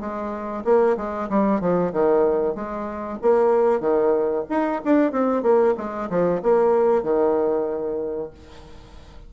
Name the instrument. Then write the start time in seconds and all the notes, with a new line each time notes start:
bassoon
0.00 G#3
0.64 A#3
0.97 G#3
1.29 G3
1.60 F3
1.92 D#3
2.55 G#3
3.21 A#3
3.80 D#3
4.49 D#4
4.85 D4
5.12 C4
5.42 A#3
5.77 G#3
6.10 F3
6.42 A#3
7.03 D#3